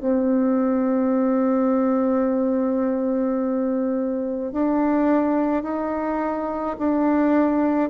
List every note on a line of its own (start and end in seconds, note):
0.00 4.52 C4
4.52 5.63 D4
5.63 6.77 D#4
6.79 7.90 D4